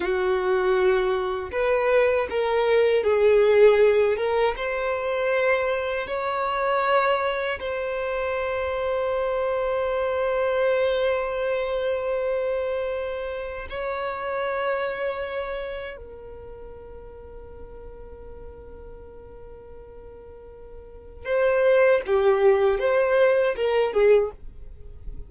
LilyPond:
\new Staff \with { instrumentName = "violin" } { \time 4/4 \tempo 4 = 79 fis'2 b'4 ais'4 | gis'4. ais'8 c''2 | cis''2 c''2~ | c''1~ |
c''2 cis''2~ | cis''4 ais'2.~ | ais'1 | c''4 g'4 c''4 ais'8 gis'8 | }